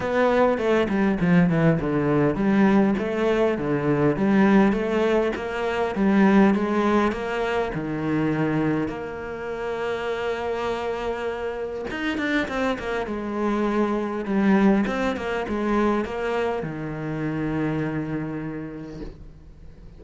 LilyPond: \new Staff \with { instrumentName = "cello" } { \time 4/4 \tempo 4 = 101 b4 a8 g8 f8 e8 d4 | g4 a4 d4 g4 | a4 ais4 g4 gis4 | ais4 dis2 ais4~ |
ais1 | dis'8 d'8 c'8 ais8 gis2 | g4 c'8 ais8 gis4 ais4 | dis1 | }